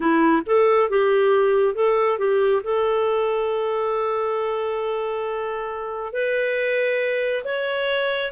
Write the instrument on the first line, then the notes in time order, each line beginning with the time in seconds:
clarinet
0.00 E4
0.45 A4
0.89 G4
1.74 A4
2.18 G4
2.63 A4
6.12 B4
7.44 C#5